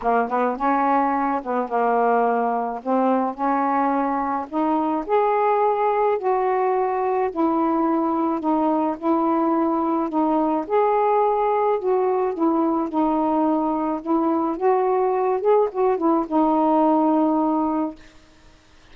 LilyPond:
\new Staff \with { instrumentName = "saxophone" } { \time 4/4 \tempo 4 = 107 ais8 b8 cis'4. b8 ais4~ | ais4 c'4 cis'2 | dis'4 gis'2 fis'4~ | fis'4 e'2 dis'4 |
e'2 dis'4 gis'4~ | gis'4 fis'4 e'4 dis'4~ | dis'4 e'4 fis'4. gis'8 | fis'8 e'8 dis'2. | }